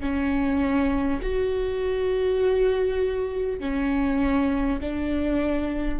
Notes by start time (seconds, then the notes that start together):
0.00 C#4
1.23 F#4
3.59 C#4
4.81 D4